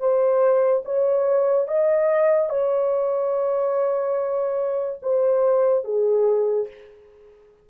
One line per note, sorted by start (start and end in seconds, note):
0.00 0.83 C5
0.85 1.68 C#5
1.68 2.50 D#5
2.50 5.00 C#5
5.03 5.85 C5
5.85 6.68 G#4